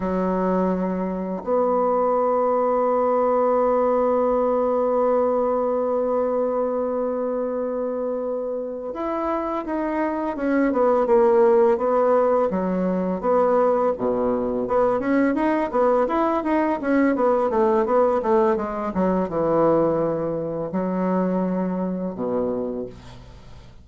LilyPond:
\new Staff \with { instrumentName = "bassoon" } { \time 4/4 \tempo 4 = 84 fis2 b2~ | b1~ | b1~ | b8 e'4 dis'4 cis'8 b8 ais8~ |
ais8 b4 fis4 b4 b,8~ | b,8 b8 cis'8 dis'8 b8 e'8 dis'8 cis'8 | b8 a8 b8 a8 gis8 fis8 e4~ | e4 fis2 b,4 | }